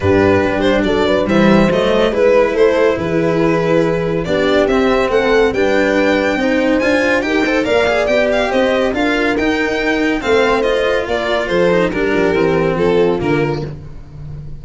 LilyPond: <<
  \new Staff \with { instrumentName = "violin" } { \time 4/4 \tempo 4 = 141 b'4. c''8 d''4 e''4 | dis''4 b'4 c''4 b'4~ | b'2 d''4 e''4 | fis''4 g''2. |
gis''4 g''4 f''4 g''8 f''8 | dis''4 f''4 g''2 | f''4 dis''4 d''4 c''4 | ais'2 a'4 ais'4 | }
  \new Staff \with { instrumentName = "horn" } { \time 4/4 g'2 a'8 b'8 c''4~ | c''4 b'4 a'4 gis'4~ | gis'2 g'2 | a'4 b'2 c''4~ |
c''4 ais'8 c''8 d''2 | c''4 ais'2. | c''2 ais'4 a'4 | g'2 f'2 | }
  \new Staff \with { instrumentName = "cello" } { \time 4/4 d'2. g4 | a4 e'2.~ | e'2 d'4 c'4~ | c'4 d'2 dis'4 |
f'4 g'8 a'8 ais'8 gis'8 g'4~ | g'4 f'4 dis'2 | c'4 f'2~ f'8 dis'8 | d'4 c'2 ais4 | }
  \new Staff \with { instrumentName = "tuba" } { \time 4/4 g,4 g4 fis4 e4 | fis4 gis4 a4 e4~ | e2 b4 c'4 | a4 g2 c'4 |
d'4 dis'4 ais4 b4 | c'4 d'4 dis'2 | a2 ais4 f4 | g8 f8 e4 f4 d4 | }
>>